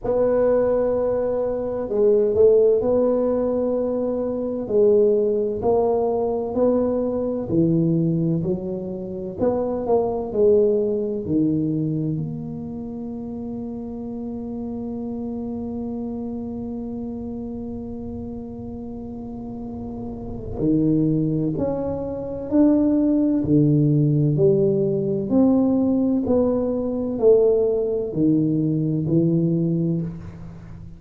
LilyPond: \new Staff \with { instrumentName = "tuba" } { \time 4/4 \tempo 4 = 64 b2 gis8 a8 b4~ | b4 gis4 ais4 b4 | e4 fis4 b8 ais8 gis4 | dis4 ais2.~ |
ais1~ | ais2 dis4 cis'4 | d'4 d4 g4 c'4 | b4 a4 dis4 e4 | }